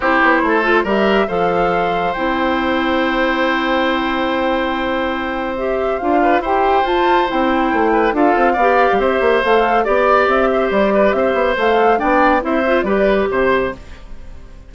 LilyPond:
<<
  \new Staff \with { instrumentName = "flute" } { \time 4/4 \tempo 4 = 140 c''2 e''4 f''4~ | f''4 g''2.~ | g''1~ | g''4 e''4 f''4 g''4 |
a''4 g''2 f''4~ | f''4 e''4 f''4 d''4 | e''4 d''4 e''4 f''4 | g''4 e''4 d''4 c''4 | }
  \new Staff \with { instrumentName = "oboe" } { \time 4/4 g'4 a'4 ais'4 c''4~ | c''1~ | c''1~ | c''2~ c''8 b'8 c''4~ |
c''2~ c''8 b'8 a'4 | d''4 c''2 d''4~ | d''8 c''4 b'8 c''2 | d''4 c''4 b'4 c''4 | }
  \new Staff \with { instrumentName = "clarinet" } { \time 4/4 e'4. f'8 g'4 a'4~ | a'4 e'2.~ | e'1~ | e'4 g'4 f'4 g'4 |
f'4 e'2 f'4 | g'2 a'4 g'4~ | g'2. a'4 | d'4 e'8 f'8 g'2 | }
  \new Staff \with { instrumentName = "bassoon" } { \time 4/4 c'8 b8 a4 g4 f4~ | f4 c'2.~ | c'1~ | c'2 d'4 e'4 |
f'4 c'4 a4 d'8 c'8 | b8. g16 c'8 ais8 a4 b4 | c'4 g4 c'8 b8 a4 | b4 c'4 g4 c4 | }
>>